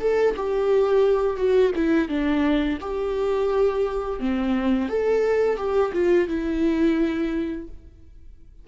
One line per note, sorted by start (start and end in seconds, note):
0.00 0.35 A4
0.36 1.37 G4
1.37 1.72 F#4
1.75 2.08 E4
2.08 2.78 D4
2.81 4.20 G4
4.20 4.89 C4
4.89 5.57 A4
5.57 5.92 G4
5.93 6.28 F4
6.28 7.68 E4